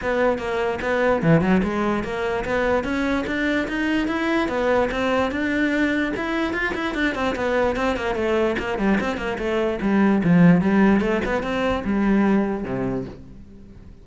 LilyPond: \new Staff \with { instrumentName = "cello" } { \time 4/4 \tempo 4 = 147 b4 ais4 b4 e8 fis8 | gis4 ais4 b4 cis'4 | d'4 dis'4 e'4 b4 | c'4 d'2 e'4 |
f'8 e'8 d'8 c'8 b4 c'8 ais8 | a4 ais8 g8 c'8 ais8 a4 | g4 f4 g4 a8 b8 | c'4 g2 c4 | }